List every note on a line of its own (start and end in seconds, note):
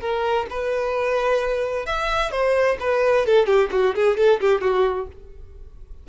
0.00 0.46 A#4
0.50 1.86 B4
1.86 2.31 E5
2.31 2.77 C5
2.80 3.26 B4
3.26 3.46 A4
3.46 3.69 G4
3.71 3.94 F#4
3.95 4.17 G#4
4.17 4.40 A4
4.40 4.61 G4
4.61 5.07 F#4